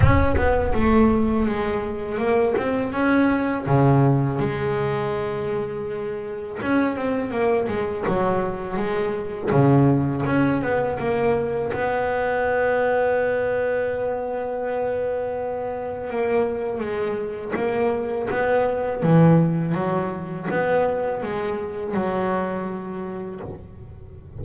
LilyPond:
\new Staff \with { instrumentName = "double bass" } { \time 4/4 \tempo 4 = 82 cis'8 b8 a4 gis4 ais8 c'8 | cis'4 cis4 gis2~ | gis4 cis'8 c'8 ais8 gis8 fis4 | gis4 cis4 cis'8 b8 ais4 |
b1~ | b2 ais4 gis4 | ais4 b4 e4 fis4 | b4 gis4 fis2 | }